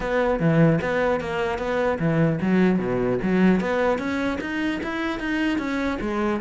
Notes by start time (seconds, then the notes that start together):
0.00 B3
0.39 E3
0.81 B3
1.20 A#3
1.58 B3
1.99 E3
2.41 F#3
2.79 B2
3.22 F#3
3.60 B3
3.98 C#4
4.41 D#4
4.83 E4
5.19 D#4
5.58 C#4
6.01 G#3